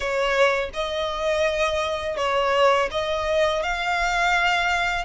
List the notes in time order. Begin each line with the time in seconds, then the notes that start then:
0.00 C#5
0.73 D#5
2.17 C#5
2.91 D#5
3.62 F5